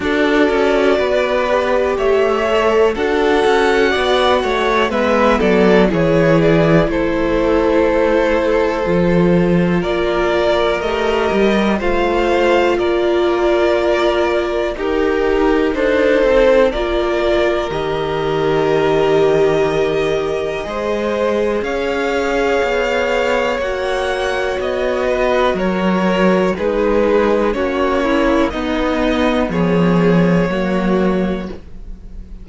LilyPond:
<<
  \new Staff \with { instrumentName = "violin" } { \time 4/4 \tempo 4 = 61 d''2 e''4 fis''4~ | fis''4 e''8 d''8 cis''8 d''8 c''4~ | c''2 d''4 dis''4 | f''4 d''2 ais'4 |
c''4 d''4 dis''2~ | dis''2 f''2 | fis''4 dis''4 cis''4 b'4 | cis''4 dis''4 cis''2 | }
  \new Staff \with { instrumentName = "violin" } { \time 4/4 a'4 b'4 cis''4 a'4 | d''8 cis''8 b'8 a'8 gis'4 a'4~ | a'2 ais'2 | c''4 ais'2 g'4 |
a'4 ais'2.~ | ais'4 c''4 cis''2~ | cis''4. b'8 ais'4 gis'4 | fis'8 e'8 dis'4 gis'4 fis'4 | }
  \new Staff \with { instrumentName = "viola" } { \time 4/4 fis'4. g'4 a'8 fis'4~ | fis'4 b4 e'2~ | e'4 f'2 g'4 | f'2. dis'4~ |
dis'4 f'4 g'2~ | g'4 gis'2. | fis'2. dis'4 | cis'4 b2 ais4 | }
  \new Staff \with { instrumentName = "cello" } { \time 4/4 d'8 cis'8 b4 a4 d'8 cis'8 | b8 a8 gis8 fis8 e4 a4~ | a4 f4 ais4 a8 g8 | a4 ais2 dis'4 |
d'8 c'8 ais4 dis2~ | dis4 gis4 cis'4 b4 | ais4 b4 fis4 gis4 | ais4 b4 f4 fis4 | }
>>